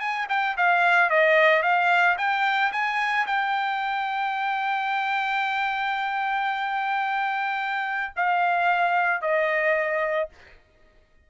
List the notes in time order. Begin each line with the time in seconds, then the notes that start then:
0.00 G#5
0.29 G5
0.57 F5
1.10 D#5
1.63 F5
2.18 G5
2.72 G#5
3.27 G5
8.16 F5
9.22 D#5